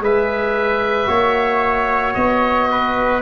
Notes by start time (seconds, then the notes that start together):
0.00 G#3 G#4 B4 E5
1.06 A#3 F#4 C#5
2.14 B3 D#5
2.71 B4